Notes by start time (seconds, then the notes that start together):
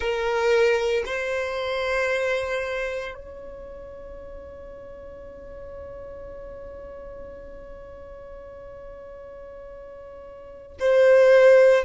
0.00 A#4
1.05 C5
3.14 C#5
10.79 C5